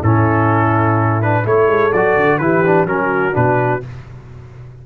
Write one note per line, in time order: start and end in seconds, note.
0.00 1.45 A2
0.00 1.22 C#4
0.00 1.43 E4
0.00 1.22 A4
1.22 1.44 D4
1.22 1.46 B4
1.44 1.67 A3
1.44 1.91 E4
1.44 2.39 A4
1.44 1.92 C#5
1.67 1.91 G#3
1.92 2.16 F#3
1.92 2.40 F#4
1.92 2.38 D5
2.16 2.39 D3
2.38 2.86 E3
2.38 2.64 E4
2.38 2.89 G4
2.38 2.86 B4
2.65 2.87 D4
2.86 3.34 F#3
2.86 3.33 C#4
2.86 3.86 F#4
2.86 3.35 A#4
3.33 3.83 B2
3.33 3.80 D4
3.33 3.83 B4